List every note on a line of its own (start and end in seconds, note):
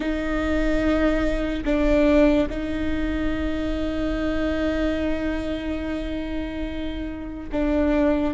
0.00 1.64 D#4
1.64 2.48 D4
2.49 7.49 D#4
7.52 8.33 D4